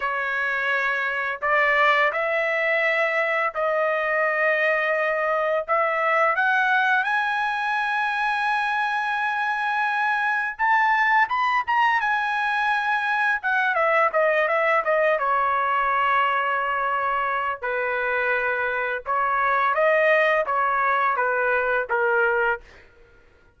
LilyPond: \new Staff \with { instrumentName = "trumpet" } { \time 4/4 \tempo 4 = 85 cis''2 d''4 e''4~ | e''4 dis''2. | e''4 fis''4 gis''2~ | gis''2. a''4 |
b''8 ais''8 gis''2 fis''8 e''8 | dis''8 e''8 dis''8 cis''2~ cis''8~ | cis''4 b'2 cis''4 | dis''4 cis''4 b'4 ais'4 | }